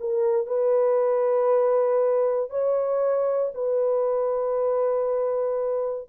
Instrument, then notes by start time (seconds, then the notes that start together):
horn
0.00 A#4
0.46 B4
2.50 C#5
3.54 B4